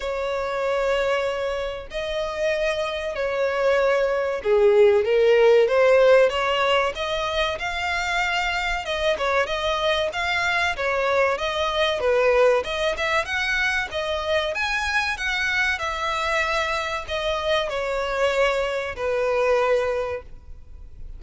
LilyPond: \new Staff \with { instrumentName = "violin" } { \time 4/4 \tempo 4 = 95 cis''2. dis''4~ | dis''4 cis''2 gis'4 | ais'4 c''4 cis''4 dis''4 | f''2 dis''8 cis''8 dis''4 |
f''4 cis''4 dis''4 b'4 | dis''8 e''8 fis''4 dis''4 gis''4 | fis''4 e''2 dis''4 | cis''2 b'2 | }